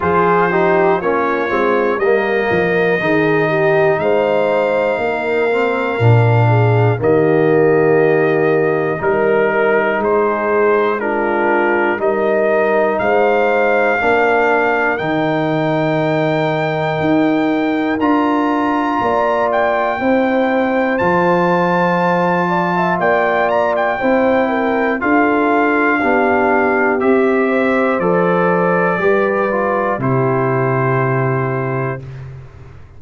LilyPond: <<
  \new Staff \with { instrumentName = "trumpet" } { \time 4/4 \tempo 4 = 60 c''4 cis''4 dis''2 | f''2. dis''4~ | dis''4 ais'4 c''4 ais'4 | dis''4 f''2 g''4~ |
g''2 ais''4. g''8~ | g''4 a''2 g''8 ais''16 g''16~ | g''4 f''2 e''4 | d''2 c''2 | }
  \new Staff \with { instrumentName = "horn" } { \time 4/4 gis'8 g'8 f'4 ais'4 gis'8 g'8 | c''4 ais'4. gis'8 g'4~ | g'4 ais'4 gis'4 f'4 | ais'4 c''4 ais'2~ |
ais'2. d''4 | c''2~ c''8 d''16 e''16 d''4 | c''8 ais'8 a'4 g'4. c''8~ | c''4 b'4 g'2 | }
  \new Staff \with { instrumentName = "trombone" } { \time 4/4 f'8 dis'8 cis'8 c'8 ais4 dis'4~ | dis'4. c'8 d'4 ais4~ | ais4 dis'2 d'4 | dis'2 d'4 dis'4~ |
dis'2 f'2 | e'4 f'2. | e'4 f'4 d'4 g'4 | a'4 g'8 f'8 e'2 | }
  \new Staff \with { instrumentName = "tuba" } { \time 4/4 f4 ais8 gis8 g8 f8 dis4 | gis4 ais4 ais,4 dis4~ | dis4 g4 gis2 | g4 gis4 ais4 dis4~ |
dis4 dis'4 d'4 ais4 | c'4 f2 ais4 | c'4 d'4 b4 c'4 | f4 g4 c2 | }
>>